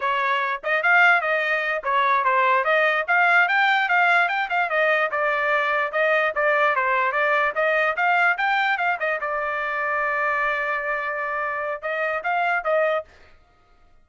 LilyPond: \new Staff \with { instrumentName = "trumpet" } { \time 4/4 \tempo 4 = 147 cis''4. dis''8 f''4 dis''4~ | dis''8 cis''4 c''4 dis''4 f''8~ | f''8 g''4 f''4 g''8 f''8 dis''8~ | dis''8 d''2 dis''4 d''8~ |
d''8 c''4 d''4 dis''4 f''8~ | f''8 g''4 f''8 dis''8 d''4.~ | d''1~ | d''4 dis''4 f''4 dis''4 | }